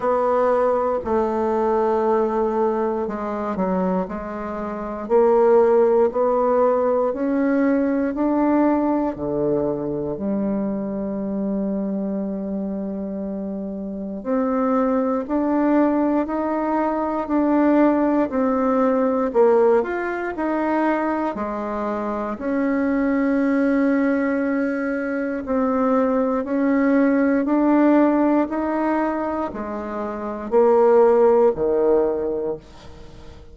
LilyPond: \new Staff \with { instrumentName = "bassoon" } { \time 4/4 \tempo 4 = 59 b4 a2 gis8 fis8 | gis4 ais4 b4 cis'4 | d'4 d4 g2~ | g2 c'4 d'4 |
dis'4 d'4 c'4 ais8 f'8 | dis'4 gis4 cis'2~ | cis'4 c'4 cis'4 d'4 | dis'4 gis4 ais4 dis4 | }